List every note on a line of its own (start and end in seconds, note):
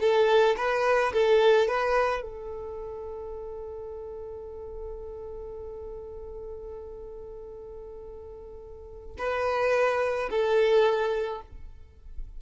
0.00 0.56 A4
0.57 1.13 B4
1.13 1.68 A4
1.68 2.22 B4
2.22 9.16 A4
9.18 10.29 B4
10.30 11.41 A4